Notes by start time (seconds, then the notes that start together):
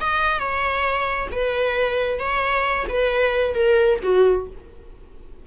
0.00 D#5
0.39 C#5
1.31 B4
2.19 C#5
2.89 B4
3.54 A#4
4.03 F#4